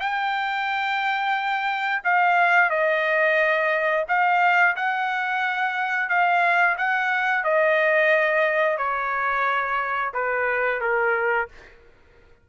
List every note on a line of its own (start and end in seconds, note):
0.00 2.02 G5
2.04 2.70 F5
2.70 4.05 D#5
4.08 4.76 F5
4.76 6.09 F#5
6.09 6.77 F5
6.78 7.44 F#5
7.44 8.78 D#5
8.78 10.12 C#5
10.14 10.81 B4
10.81 11.49 A#4